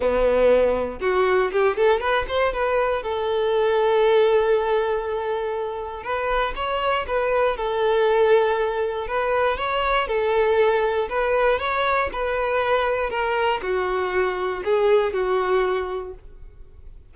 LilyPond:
\new Staff \with { instrumentName = "violin" } { \time 4/4 \tempo 4 = 119 b2 fis'4 g'8 a'8 | b'8 c''8 b'4 a'2~ | a'1 | b'4 cis''4 b'4 a'4~ |
a'2 b'4 cis''4 | a'2 b'4 cis''4 | b'2 ais'4 fis'4~ | fis'4 gis'4 fis'2 | }